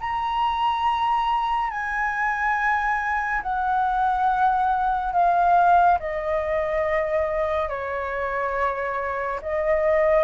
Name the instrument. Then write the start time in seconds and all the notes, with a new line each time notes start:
flute
0.00 A#5
1.70 G#5
3.42 F#5
5.13 F5
6.00 D#5
7.69 C#5
9.42 D#5